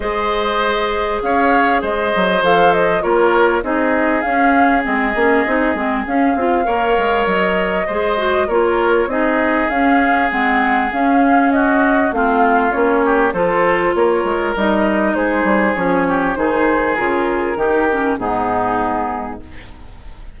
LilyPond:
<<
  \new Staff \with { instrumentName = "flute" } { \time 4/4 \tempo 4 = 99 dis''2 f''4 dis''4 | f''8 dis''8 cis''4 dis''4 f''4 | dis''2 f''2 | dis''2 cis''4 dis''4 |
f''4 fis''4 f''4 dis''4 | f''4 cis''4 c''4 cis''4 | dis''4 c''4 cis''4 c''4 | ais'2 gis'2 | }
  \new Staff \with { instrumentName = "oboe" } { \time 4/4 c''2 cis''4 c''4~ | c''4 ais'4 gis'2~ | gis'2. cis''4~ | cis''4 c''4 ais'4 gis'4~ |
gis'2. fis'4 | f'4. g'8 a'4 ais'4~ | ais'4 gis'4. g'8 gis'4~ | gis'4 g'4 dis'2 | }
  \new Staff \with { instrumentName = "clarinet" } { \time 4/4 gis'1 | a'4 f'4 dis'4 cis'4 | c'8 cis'8 dis'8 c'8 cis'8 f'8 ais'4~ | ais'4 gis'8 fis'8 f'4 dis'4 |
cis'4 c'4 cis'2 | c'4 cis'4 f'2 | dis'2 cis'4 dis'4 | f'4 dis'8 cis'8 b2 | }
  \new Staff \with { instrumentName = "bassoon" } { \time 4/4 gis2 cis'4 gis8 fis8 | f4 ais4 c'4 cis'4 | gis8 ais8 c'8 gis8 cis'8 c'8 ais8 gis8 | fis4 gis4 ais4 c'4 |
cis'4 gis4 cis'2 | a4 ais4 f4 ais8 gis8 | g4 gis8 g8 f4 dis4 | cis4 dis4 gis,2 | }
>>